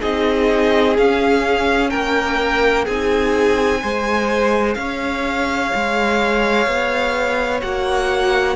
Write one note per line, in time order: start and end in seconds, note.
0.00 0.98 C4
0.00 0.96 D#4
0.00 1.90 G#4
0.00 0.97 D#5
0.97 2.88 C#4
0.97 1.93 C#4
0.97 1.90 F5
1.90 2.87 A#3
1.90 2.85 A#4
1.90 2.85 G5
2.85 3.83 C4
2.85 3.82 D#4
2.85 3.80 G#4
2.85 4.74 G#5
3.82 4.76 G#3
3.82 7.62 G#4
3.82 4.77 C5
4.74 5.71 C#4
4.74 8.57 C#5
4.74 7.60 F5
5.75 6.67 G#3
6.67 7.62 B3
7.62 8.57 A#3
7.62 8.57 F#4
7.62 8.57 F#5